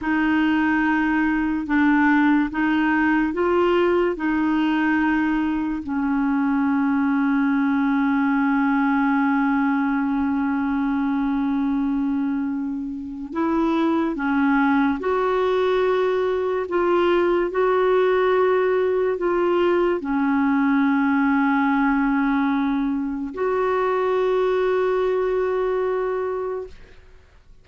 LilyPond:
\new Staff \with { instrumentName = "clarinet" } { \time 4/4 \tempo 4 = 72 dis'2 d'4 dis'4 | f'4 dis'2 cis'4~ | cis'1~ | cis'1 |
e'4 cis'4 fis'2 | f'4 fis'2 f'4 | cis'1 | fis'1 | }